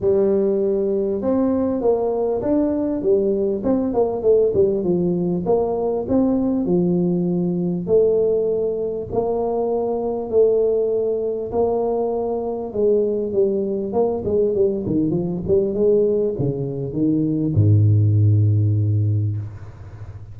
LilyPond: \new Staff \with { instrumentName = "tuba" } { \time 4/4 \tempo 4 = 99 g2 c'4 ais4 | d'4 g4 c'8 ais8 a8 g8 | f4 ais4 c'4 f4~ | f4 a2 ais4~ |
ais4 a2 ais4~ | ais4 gis4 g4 ais8 gis8 | g8 dis8 f8 g8 gis4 cis4 | dis4 gis,2. | }